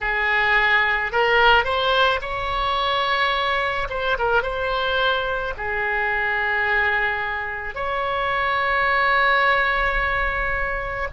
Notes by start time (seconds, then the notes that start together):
0.01 G#4
1.12 A#4
1.64 C5
2.21 C#5
3.89 C5
4.18 A#4
4.42 C5
5.57 G#4
7.74 C#5